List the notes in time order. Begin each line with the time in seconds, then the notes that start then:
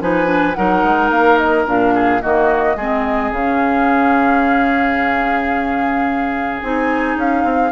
0.00 F3 D#4 B4 G#5
0.25 D4
0.54 F#3 D#4 A#4 F#5
0.83 G#3
1.10 A#3 F5
1.37 D#5
1.66 A#2 D4 F5
1.94 G#4
2.21 D#3 A#3 F#4 D#5
2.76 G#3 C4 G#4
3.31 C#3 C#4 F5
6.62 C4 D#4 G#5
7.16 C#4 F5
7.43 C4